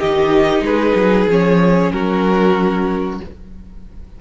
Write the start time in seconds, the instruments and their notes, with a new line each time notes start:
0.00 cello D#3, viola D#4, violin G4 D#5
0.61 cello G#3, violin G#4 B4
0.95 cello F#3
1.28 cello F3, viola C#4, violin C#5
1.92 cello F#3, violin F#4 A#4